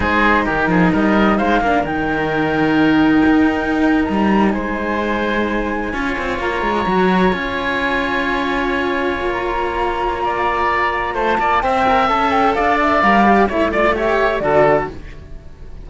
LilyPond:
<<
  \new Staff \with { instrumentName = "flute" } { \time 4/4 \tempo 4 = 129 c''4 ais'4 dis''4 f''4 | g''1~ | g''8. ais''4 gis''2~ gis''16~ | gis''4.~ gis''16 ais''2 gis''16~ |
gis''1 | ais''1 | a''4 g''4 a''8 g''8 f''8 e''8 | f''4 e''8 d''8 e''4 d''4 | }
  \new Staff \with { instrumentName = "oboe" } { \time 4/4 gis'4 g'8 gis'8 ais'4 c''8 ais'8~ | ais'1~ | ais'4.~ ais'16 c''2~ c''16~ | c''8. cis''2.~ cis''16~ |
cis''1~ | cis''2 d''2 | c''8 d''8 e''2 d''4~ | d''4 cis''8 d''8 cis''4 a'4 | }
  \new Staff \with { instrumentName = "cello" } { \time 4/4 dis'2.~ dis'8 d'8 | dis'1~ | dis'1~ | dis'8. f'2 fis'4 f'16~ |
f'1~ | f'1~ | f'4 c''8 ais'8 a'2 | ais'8 g'8 e'8 f'8 g'4 fis'4 | }
  \new Staff \with { instrumentName = "cello" } { \time 4/4 gis4 dis8 f8 g4 gis8 ais8 | dis2. dis'4~ | dis'8. g4 gis2~ gis16~ | gis8. cis'8 c'8 ais8 gis8 fis4 cis'16~ |
cis'2.~ cis'8. ais16~ | ais1 | a8 ais8 c'4 cis'4 d'4 | g4 a2 d4 | }
>>